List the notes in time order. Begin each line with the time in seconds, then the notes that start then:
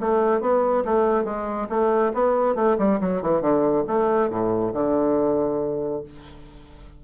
0.00 A3
0.41 B3
0.85 A3
1.25 G#3
1.69 A3
2.14 B3
2.55 A3
2.78 G3
3.01 F#3
3.23 E3
3.41 D3
3.88 A3
4.30 A2
4.74 D3